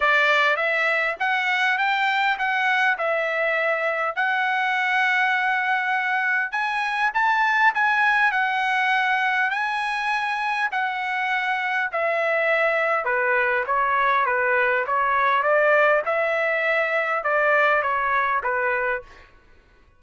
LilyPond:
\new Staff \with { instrumentName = "trumpet" } { \time 4/4 \tempo 4 = 101 d''4 e''4 fis''4 g''4 | fis''4 e''2 fis''4~ | fis''2. gis''4 | a''4 gis''4 fis''2 |
gis''2 fis''2 | e''2 b'4 cis''4 | b'4 cis''4 d''4 e''4~ | e''4 d''4 cis''4 b'4 | }